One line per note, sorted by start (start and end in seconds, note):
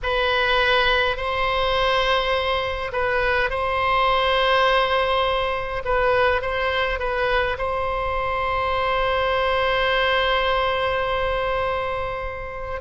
0.02 1.17 B4
1.17 2.91 C5
2.92 3.50 B4
3.50 5.83 C5
5.84 6.41 B4
6.41 6.99 C5
6.99 7.57 B4
7.57 12.81 C5